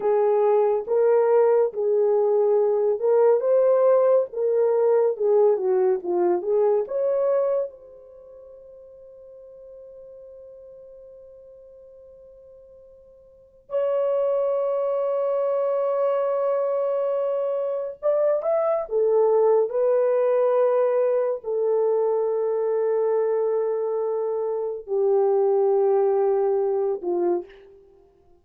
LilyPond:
\new Staff \with { instrumentName = "horn" } { \time 4/4 \tempo 4 = 70 gis'4 ais'4 gis'4. ais'8 | c''4 ais'4 gis'8 fis'8 f'8 gis'8 | cis''4 c''2.~ | c''1 |
cis''1~ | cis''4 d''8 e''8 a'4 b'4~ | b'4 a'2.~ | a'4 g'2~ g'8 f'8 | }